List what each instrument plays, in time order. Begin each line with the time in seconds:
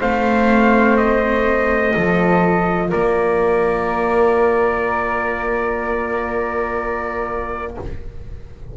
0.00 double bass A3, viola C4, flute C5, trumpet F5
0.97 trumpet D#5
1.90 viola F4, flute A4
1.96 double bass F3
2.89 double bass A#3, flute A#4, trumpet D5